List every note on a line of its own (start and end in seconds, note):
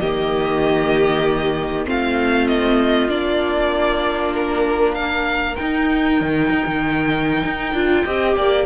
0.00 1.86 D#3
0.00 1.85 A#3
0.00 1.86 G4
0.00 1.86 D#5
1.85 3.09 A3
1.85 3.08 C4
1.85 4.96 F4
1.85 2.48 F5
2.48 3.09 D#5
3.08 5.56 A#3
3.08 5.56 D4
3.08 4.33 D5
4.34 4.95 A#4
4.95 8.04 A#4
4.95 5.55 F5
5.55 7.75 D#4
5.55 6.21 D#4
5.55 8.65 G5
6.21 6.49 D#3
6.49 6.65 D#4
6.66 7.44 D#3
7.45 7.74 D#4
7.74 8.05 D4
7.74 8.05 F4
8.04 8.36 C4
8.04 8.66 G4
8.04 8.35 D#5
8.36 8.66 A#3
8.36 8.66 D5